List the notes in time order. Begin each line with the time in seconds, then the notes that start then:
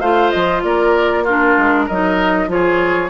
0.00 A3 F4 C5 F5
0.30 F3 D#5
0.63 A#3 A#4 D5
1.23 D4 F4 A#4
1.57 G#3
1.86 F#3 D#4 A#4 D#5
2.48 F3 F4 G#4 C#5